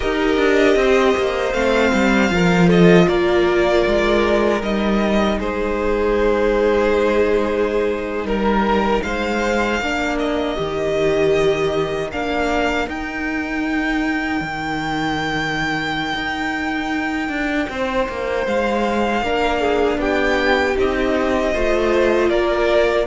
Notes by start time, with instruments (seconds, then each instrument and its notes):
0.00 cello D#4, viola G4, violin A#4 D#5
0.37 cello D4
0.75 cello C4, violin C5
1.17 cello A#3
1.53 cello A3, viola C4, violin F5
1.93 cello G3
2.30 cello F3, viola F4, violin A#4
2.67 violin A4 D#5
3.07 cello A#3, violin A#4 D5
3.86 cello G#3
4.61 cello G3, viola D#4, violin D#5
5.38 cello G#3, violin G#4 C5
8.23 cello G3, violin A#4
9.02 cello G#3, violin C5 F5
9.80 cello A#3, viola D4, violin A#4
10.18 violin D#5
10.56 cello D#3, viola G4
12.12 cello A#3, viola D4, violin F5
12.87 cello D#4, viola D#4, violin G5
14.40 cello D#3
16.14 cello D#4
17.29 cello D4
17.69 cello C4, violin C5
18.08 cello A#3
18.46 cello G#3, violin F5
19.21 cello A#3, viola D4, violin A#4
19.61 violin G#4
19.97 cello B3, violin G4 G5
20.75 cello C4, viola D#4, violin D#5
21.53 cello A3, viola F4, violin C5
22.29 cello A#3, violin A#4 D5